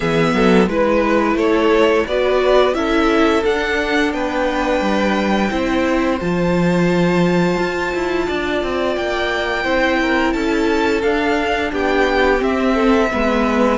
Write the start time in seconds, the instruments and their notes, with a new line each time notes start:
0.00 cello E3, viola B3, violin G#4 E5
0.33 cello F#3, violin A4
0.67 cello G#3, viola E4, violin B4
1.34 cello A3, violin A4 C#5
2.07 cello B3, viola F#4, violin B4 D5
2.74 cello C#4, viola E4, violin A4 E5
3.45 viola D4, cello D4, violin F#5
4.12 cello B3, violin B4 G5
4.80 cello G3
5.50 cello C4, viola E4, violin C5
6.20 cello F3, viola F4, violin A5
7.59 cello F4
7.94 cello E4
8.27 cello D4, violin D5
8.62 cello C4
8.96 cello A#3, violin G5
9.63 cello C4, viola E4, violin C5
10.02 violin A#4
10.32 cello C#4, violin A4 A5
11.01 cello D4, viola D4, violin F5
11.71 cello B3, violin G4 G5
12.38 viola C4, cello C4, violin E5
12.74 violin A4
13.11 cello G#3, viola B3, violin B4